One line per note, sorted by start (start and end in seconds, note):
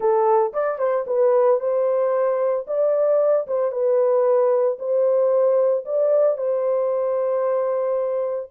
0.00 0.53 A4
0.53 0.78 D5
0.78 1.05 C5
1.06 1.60 B4
1.60 2.66 C5
2.67 3.46 D5
3.47 3.71 C5
3.71 4.77 B4
4.78 5.85 C5
5.85 6.37 D5
6.37 8.50 C5